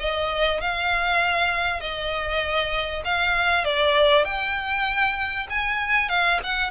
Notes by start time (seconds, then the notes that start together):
0.00 D#5
0.61 F5
1.80 D#5
3.05 F5
3.65 D5
4.25 G5
5.50 G#5
6.09 F5
6.44 F#5